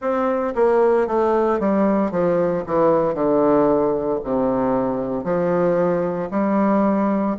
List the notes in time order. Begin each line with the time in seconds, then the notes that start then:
0.01 C4
0.55 A#3
1.07 A3
1.59 G3
2.11 F3
2.66 E3
3.14 D3
4.23 C3
5.23 F3
6.31 G3